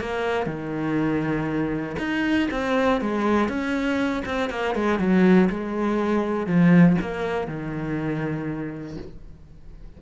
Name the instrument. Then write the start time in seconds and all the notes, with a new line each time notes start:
cello
0.00 A#3
0.46 D#3
1.99 D#4
2.51 C4
3.01 G#3
3.48 C#4
4.25 C4
4.50 A#3
4.75 G#3
4.99 F#3
5.50 G#3
6.47 F3
7.01 A#3
7.47 D#3